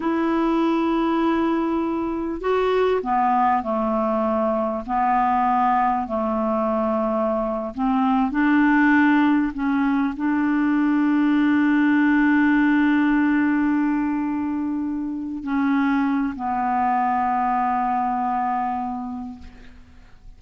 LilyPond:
\new Staff \with { instrumentName = "clarinet" } { \time 4/4 \tempo 4 = 99 e'1 | fis'4 b4 a2 | b2 a2~ | a8. c'4 d'2 cis'16~ |
cis'8. d'2.~ d'16~ | d'1~ | d'4. cis'4. b4~ | b1 | }